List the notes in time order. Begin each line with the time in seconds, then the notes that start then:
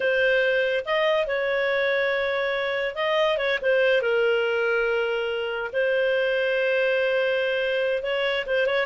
0.00 C5
0.85 D#5
1.27 C#5
2.95 D#5
3.37 C#5
3.62 C5
4.01 A#4
5.72 C5
8.02 C#5
8.46 C5
8.66 C#5